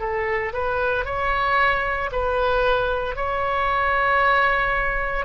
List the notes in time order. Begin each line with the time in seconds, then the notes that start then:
0.00 A4
0.53 B4
1.05 C#5
2.12 B4
3.16 C#5